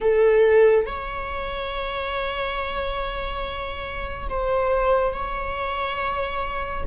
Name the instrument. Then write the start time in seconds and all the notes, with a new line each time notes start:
viola
0.00 A4
0.86 C#5
4.29 C5
5.13 C#5